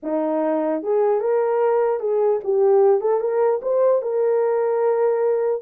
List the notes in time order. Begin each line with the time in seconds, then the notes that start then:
0.02 D#4
0.83 G#4
1.20 A#4
2.00 G#4
2.43 G4
3.01 A4
3.20 A#4
3.62 C5
4.02 A#4